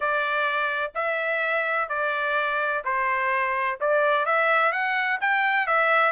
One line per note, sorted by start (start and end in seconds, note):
0.00 0.92 D5
0.94 1.89 E5
1.89 2.83 D5
2.84 3.79 C5
3.80 4.25 D5
4.25 4.72 E5
4.72 5.19 F#5
5.20 5.66 G5
5.66 6.12 E5